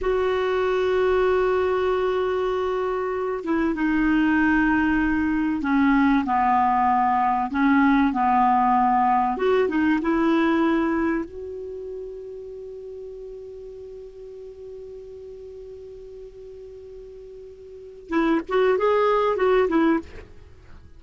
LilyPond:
\new Staff \with { instrumentName = "clarinet" } { \time 4/4 \tempo 4 = 96 fis'1~ | fis'4. e'8 dis'2~ | dis'4 cis'4 b2 | cis'4 b2 fis'8 dis'8 |
e'2 fis'2~ | fis'1~ | fis'1~ | fis'4 e'8 fis'8 gis'4 fis'8 e'8 | }